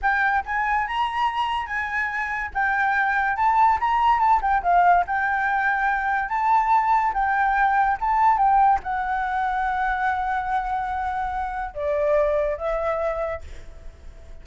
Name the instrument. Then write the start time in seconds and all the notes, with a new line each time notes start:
flute
0.02 G5
0.45 G#5
0.87 A#5
1.66 G#5
2.54 G5
3.36 A5
3.80 A#5
4.19 A5
4.41 G5
4.63 F5
5.06 G5
6.28 A5
7.13 G5
8.00 A5
8.37 G5
8.83 F#5
11.74 D5
12.57 E5